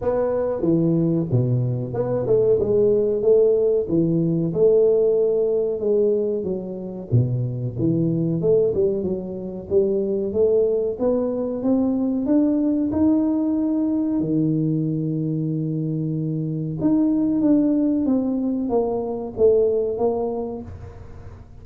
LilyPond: \new Staff \with { instrumentName = "tuba" } { \time 4/4 \tempo 4 = 93 b4 e4 b,4 b8 a8 | gis4 a4 e4 a4~ | a4 gis4 fis4 b,4 | e4 a8 g8 fis4 g4 |
a4 b4 c'4 d'4 | dis'2 dis2~ | dis2 dis'4 d'4 | c'4 ais4 a4 ais4 | }